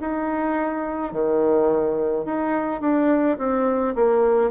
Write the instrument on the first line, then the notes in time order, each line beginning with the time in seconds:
bassoon
0.00 D#4
1.12 D#3
2.25 D#4
2.80 D4
3.38 C4
3.95 A#3